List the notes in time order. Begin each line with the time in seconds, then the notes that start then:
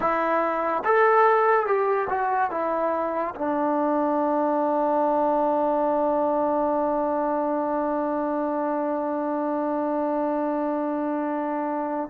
0.00 E4
0.84 A4
1.66 G4
2.09 F#4
2.50 E4
3.35 D4